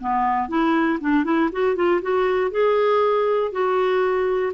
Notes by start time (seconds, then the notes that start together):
0.00 B3
0.48 E4
1.00 D4
1.24 E4
1.52 F#4
1.76 F4
2.01 F#4
2.51 G#4
3.52 F#4